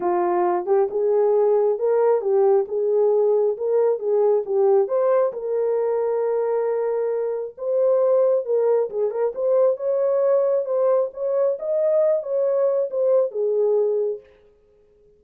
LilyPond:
\new Staff \with { instrumentName = "horn" } { \time 4/4 \tempo 4 = 135 f'4. g'8 gis'2 | ais'4 g'4 gis'2 | ais'4 gis'4 g'4 c''4 | ais'1~ |
ais'4 c''2 ais'4 | gis'8 ais'8 c''4 cis''2 | c''4 cis''4 dis''4. cis''8~ | cis''4 c''4 gis'2 | }